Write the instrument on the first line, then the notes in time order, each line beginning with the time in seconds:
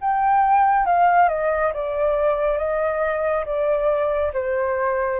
flute
0.00 G5
0.85 F5
1.28 D#5
1.73 D5
2.57 D#5
3.45 D5
4.33 C5